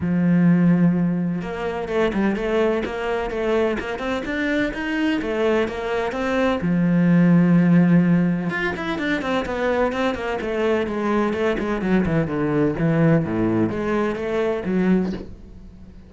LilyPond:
\new Staff \with { instrumentName = "cello" } { \time 4/4 \tempo 4 = 127 f2. ais4 | a8 g8 a4 ais4 a4 | ais8 c'8 d'4 dis'4 a4 | ais4 c'4 f2~ |
f2 f'8 e'8 d'8 c'8 | b4 c'8 ais8 a4 gis4 | a8 gis8 fis8 e8 d4 e4 | a,4 gis4 a4 fis4 | }